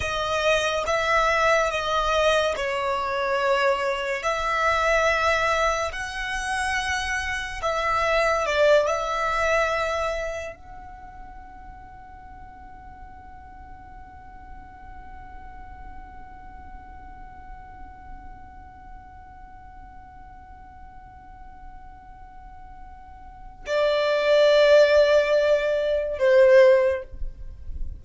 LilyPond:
\new Staff \with { instrumentName = "violin" } { \time 4/4 \tempo 4 = 71 dis''4 e''4 dis''4 cis''4~ | cis''4 e''2 fis''4~ | fis''4 e''4 d''8 e''4.~ | e''8 fis''2.~ fis''8~ |
fis''1~ | fis''1~ | fis''1 | d''2. c''4 | }